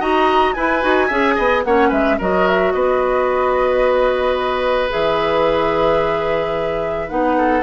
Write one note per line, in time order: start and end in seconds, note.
0.00 0.55 D#4
0.00 0.55 F#4
0.00 0.55 D#5
0.00 0.54 A#5
0.54 0.82 E4
0.54 0.84 E4
0.54 1.07 B4
0.54 1.63 G#5
0.82 1.10 D#4
0.82 1.09 F#4
1.07 1.37 C#4
1.07 1.65 G#4
1.07 1.35 E5
1.35 1.65 B3
1.35 1.63 D#5
1.64 1.91 A#3
1.64 2.20 C#4
1.64 1.89 C#5
1.64 1.91 F#5
1.89 2.19 G#3
1.89 2.16 B4
1.89 2.19 E5
2.19 2.74 F#3
2.19 4.90 F#4
2.19 2.73 A#4
2.19 2.48 D#5
2.48 2.72 E5
2.72 4.92 B3
2.72 7.38 B4
2.72 4.90 D#5
4.90 7.10 E3
4.90 7.09 G#4
4.90 7.09 E5
7.09 7.63 B3
7.09 7.63 D#4
7.09 7.63 F#5
7.38 7.63 A4